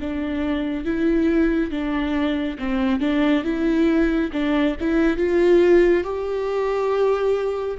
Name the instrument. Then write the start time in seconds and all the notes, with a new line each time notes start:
viola
0.00 D4
0.85 E4
1.71 D4
2.58 C4
3.00 D4
3.43 E4
4.32 D4
4.80 E4
5.17 F4
6.04 G4